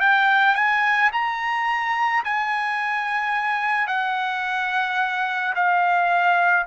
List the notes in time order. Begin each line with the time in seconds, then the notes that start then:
0.00 G5
0.55 G#5
1.12 A#5
2.24 G#5
3.87 F#5
5.55 F5